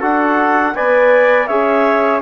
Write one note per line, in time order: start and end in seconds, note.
0.00 0.74 D4
0.00 0.74 F#4
0.00 0.73 A4
0.00 0.75 F#5
0.74 1.48 B3
0.74 1.48 B4
0.74 1.48 D5
0.74 1.47 G#5
1.47 2.21 C#4
1.47 2.21 G#4
1.47 2.21 C#5
1.47 2.20 E5